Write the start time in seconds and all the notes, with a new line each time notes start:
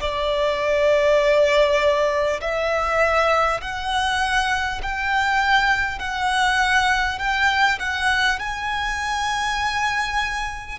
0.00 D5
2.40 E5
3.61 F#5
4.82 G5
5.98 F#5
7.18 G5
7.79 F#5
8.39 G#5